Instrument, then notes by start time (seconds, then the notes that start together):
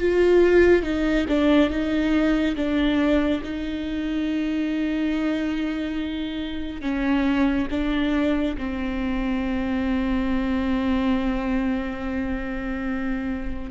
viola
0.00 F4
0.83 D#4
1.29 D4
1.70 D#4
2.56 D4
3.44 D#4
6.82 C#4
7.71 D4
8.58 C4